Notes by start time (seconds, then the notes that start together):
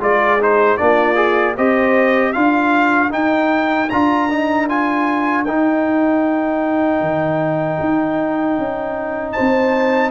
0.00 G#3 F4 G#4 D5
0.40 D#4 C5
0.77 A#3 D4 F4 D5
1.15 G#4
1.56 C4 G4 C5 D#5
2.33 D4 F4 A#4 F5
3.10 D#4 G5
3.89 D4 F4 A#5
4.30 D#4
4.69 F4 G#5
5.44 D#4 G5
7.00 D#3
7.80 D#4
8.58 C#4
9.32 C5 A5
9.39 C4